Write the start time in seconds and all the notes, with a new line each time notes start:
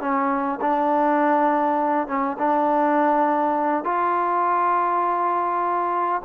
0.00 C#4
0.61 D4
2.07 C#4
2.38 D4
3.84 F4